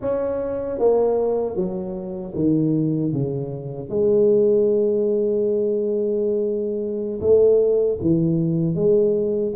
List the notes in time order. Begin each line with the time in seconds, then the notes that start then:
0.01 C#4
0.78 A#3
1.55 F#3
2.34 D#3
3.12 C#3
3.89 G#3
7.20 A3
8.01 E3
8.75 G#3